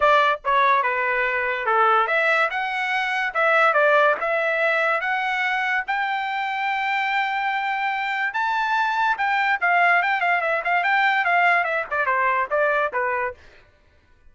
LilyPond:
\new Staff \with { instrumentName = "trumpet" } { \time 4/4 \tempo 4 = 144 d''4 cis''4 b'2 | a'4 e''4 fis''2 | e''4 d''4 e''2 | fis''2 g''2~ |
g''1 | a''2 g''4 f''4 | g''8 f''8 e''8 f''8 g''4 f''4 | e''8 d''8 c''4 d''4 b'4 | }